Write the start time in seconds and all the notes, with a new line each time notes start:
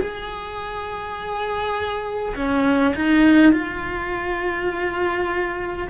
0.00 G#4
2.35 C#4
2.95 D#4
3.52 F4